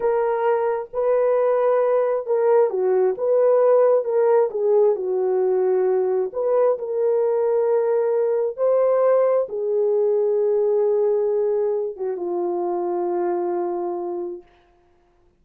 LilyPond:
\new Staff \with { instrumentName = "horn" } { \time 4/4 \tempo 4 = 133 ais'2 b'2~ | b'4 ais'4 fis'4 b'4~ | b'4 ais'4 gis'4 fis'4~ | fis'2 b'4 ais'4~ |
ais'2. c''4~ | c''4 gis'2.~ | gis'2~ gis'8 fis'8 f'4~ | f'1 | }